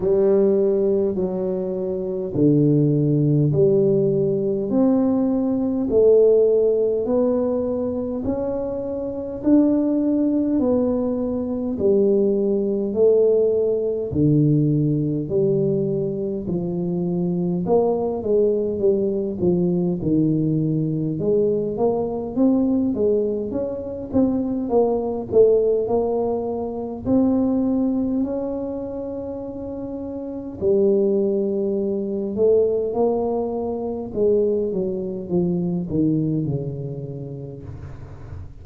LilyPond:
\new Staff \with { instrumentName = "tuba" } { \time 4/4 \tempo 4 = 51 g4 fis4 d4 g4 | c'4 a4 b4 cis'4 | d'4 b4 g4 a4 | d4 g4 f4 ais8 gis8 |
g8 f8 dis4 gis8 ais8 c'8 gis8 | cis'8 c'8 ais8 a8 ais4 c'4 | cis'2 g4. a8 | ais4 gis8 fis8 f8 dis8 cis4 | }